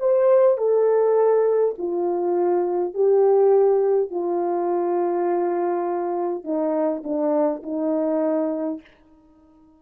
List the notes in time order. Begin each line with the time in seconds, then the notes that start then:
0.00 C5
0.58 A4
1.79 F4
2.94 G4
4.11 F4
6.44 D#4
7.04 D4
7.63 D#4